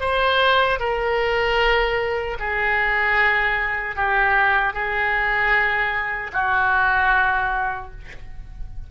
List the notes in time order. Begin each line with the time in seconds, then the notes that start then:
0.00 C5
0.79 A#4
2.39 G#4
3.95 G4
4.73 G#4
6.33 F#4